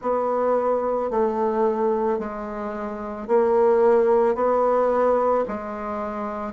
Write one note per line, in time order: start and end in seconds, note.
0.01 1.10 B3
1.10 2.18 A3
2.18 3.27 G#3
3.27 4.35 A#3
4.35 5.44 B3
5.48 6.52 G#3